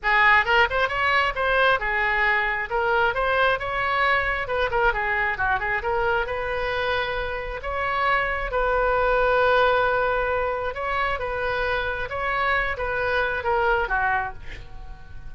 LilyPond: \new Staff \with { instrumentName = "oboe" } { \time 4/4 \tempo 4 = 134 gis'4 ais'8 c''8 cis''4 c''4 | gis'2 ais'4 c''4 | cis''2 b'8 ais'8 gis'4 | fis'8 gis'8 ais'4 b'2~ |
b'4 cis''2 b'4~ | b'1 | cis''4 b'2 cis''4~ | cis''8 b'4. ais'4 fis'4 | }